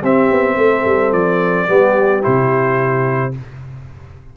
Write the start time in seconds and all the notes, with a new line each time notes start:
0.00 C4 G4 E5
0.30 B3
0.57 A3 A4
0.85 G3
1.12 F3 D5
1.67 G3 B3 G4
2.21 C3 E4 C5